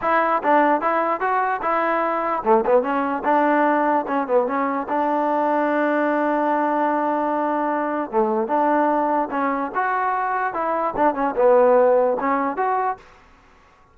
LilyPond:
\new Staff \with { instrumentName = "trombone" } { \time 4/4 \tempo 4 = 148 e'4 d'4 e'4 fis'4 | e'2 a8 b8 cis'4 | d'2 cis'8 b8 cis'4 | d'1~ |
d'1 | a4 d'2 cis'4 | fis'2 e'4 d'8 cis'8 | b2 cis'4 fis'4 | }